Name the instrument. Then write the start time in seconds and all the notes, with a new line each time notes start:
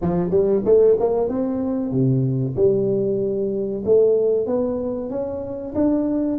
tuba
0.01 F3
0.30 G3
0.65 A3
0.99 A#3
1.28 C4
1.91 C3
2.56 G3
3.85 A3
4.46 B3
5.09 C#4
5.74 D4